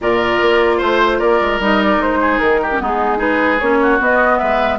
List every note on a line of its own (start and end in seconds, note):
0.01 0.41 A#2
0.01 1.60 F4
0.01 0.77 A#4
0.01 0.80 D5
0.41 0.81 A#3
0.77 1.20 A3
0.77 1.17 C5
0.77 1.19 C5
1.19 1.40 A#3
1.19 2.19 A#4
1.19 1.59 D5
1.41 1.59 G#3
1.59 1.97 G3
1.59 2.70 D#4
1.59 1.82 D#5
1.82 2.02 D5
1.97 2.37 G#3
1.97 2.38 C5
2.20 2.60 G#4
2.38 2.80 D#3
2.38 2.78 A#4
2.62 2.82 G4
2.71 2.79 C#4
2.79 3.60 G#3
2.79 3.17 B3
2.79 3.18 D#4
2.79 3.20 G#4
3.17 3.57 D#4
3.17 3.78 G#4
3.17 3.59 B4
3.59 4.00 A#3
3.59 3.99 C#4
3.59 3.99 C#5
3.82 4.39 F#4
3.99 4.79 B3
3.99 4.40 B3
3.99 4.38 D#5
4.38 4.79 G#3
4.38 4.79 B4
4.38 4.78 E5